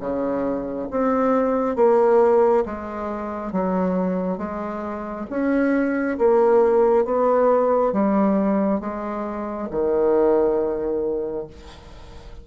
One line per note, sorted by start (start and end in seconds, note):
0.00 0.88 C#3
0.91 1.76 C4
1.76 2.64 A#3
2.66 3.53 G#3
3.53 4.38 F#3
4.38 5.26 G#3
5.30 6.18 C#4
6.18 7.05 A#3
7.05 7.93 B3
7.93 8.80 G3
8.80 9.69 G#3
9.71 11.47 D#3